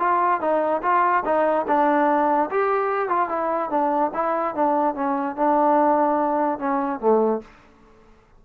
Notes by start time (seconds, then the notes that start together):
0.00 F4
0.41 D#4
0.83 F4
1.25 D#4
1.68 D4
2.51 G4
3.09 F4
3.29 E4
3.70 D4
4.15 E4
4.55 D4
4.95 C#4
5.36 D4
6.59 C#4
7.00 A3